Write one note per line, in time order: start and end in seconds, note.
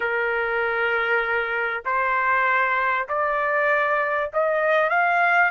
0.00 1.83 A#4
1.85 3.08 C5
3.08 4.31 D5
4.33 4.89 D#5
4.89 5.50 F5